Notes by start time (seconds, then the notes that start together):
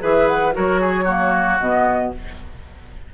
0.00 E3 G#4 B4 E5
0.28 F#5
0.53 F#3 F#4 A#4 C#5
0.81 G#4
1.04 A#3 F#4
1.60 B2 B3 D#5